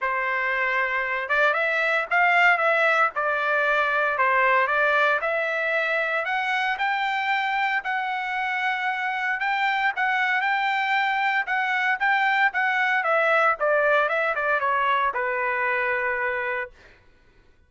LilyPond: \new Staff \with { instrumentName = "trumpet" } { \time 4/4 \tempo 4 = 115 c''2~ c''8 d''8 e''4 | f''4 e''4 d''2 | c''4 d''4 e''2 | fis''4 g''2 fis''4~ |
fis''2 g''4 fis''4 | g''2 fis''4 g''4 | fis''4 e''4 d''4 e''8 d''8 | cis''4 b'2. | }